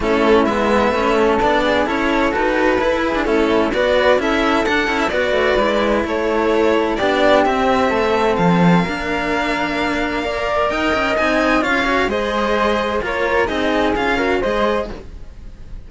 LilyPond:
<<
  \new Staff \with { instrumentName = "violin" } { \time 4/4 \tempo 4 = 129 a'4 e''2 d''4 | cis''4 b'2 a'4 | d''4 e''4 fis''8. e''16 d''4~ | d''4 cis''2 d''4 |
e''2 f''2~ | f''2. g''4 | gis''4 f''4 dis''2 | cis''4 dis''4 f''4 dis''4 | }
  \new Staff \with { instrumentName = "flute" } { \time 4/4 e'2 b'8 a'4 gis'8 | a'2~ a'8 gis'8 e'4 | b'4 a'2 b'4~ | b'4 a'2 g'4~ |
g'4 a'2 ais'4~ | ais'2 d''4 dis''4~ | dis''4 cis''4 c''2 | ais'4 gis'4. ais'8 c''4 | }
  \new Staff \with { instrumentName = "cello" } { \time 4/4 cis'4 b4 cis'4 d'4 | e'4 fis'4 e'8. d'16 cis'4 | fis'4 e'4 d'8 e'8 fis'4 | e'2. d'4 |
c'2. d'4~ | d'2 ais'2 | dis'4 f'8 fis'8 gis'2 | f'4 dis'4 f'8 fis'8 gis'4 | }
  \new Staff \with { instrumentName = "cello" } { \time 4/4 a4 gis4 a4 b4 | cis'4 dis'4 e'4 a4 | b4 cis'4 d'8 cis'8 b8 a8 | gis4 a2 b4 |
c'4 a4 f4 ais4~ | ais2. dis'8 cis'8 | c'4 cis'4 gis2 | ais4 c'4 cis'4 gis4 | }
>>